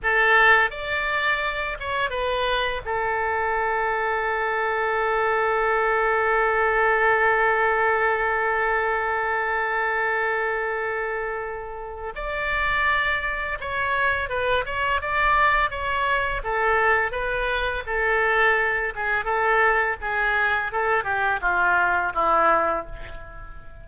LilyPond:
\new Staff \with { instrumentName = "oboe" } { \time 4/4 \tempo 4 = 84 a'4 d''4. cis''8 b'4 | a'1~ | a'1~ | a'1~ |
a'4 d''2 cis''4 | b'8 cis''8 d''4 cis''4 a'4 | b'4 a'4. gis'8 a'4 | gis'4 a'8 g'8 f'4 e'4 | }